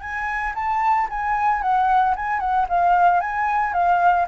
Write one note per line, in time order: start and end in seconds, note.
0.00 0.53 G#5
0.55 1.08 A5
1.09 1.61 G#5
1.61 2.15 F#5
2.16 2.39 G#5
2.39 2.66 F#5
2.68 3.20 F5
3.20 3.73 G#5
3.73 4.26 F5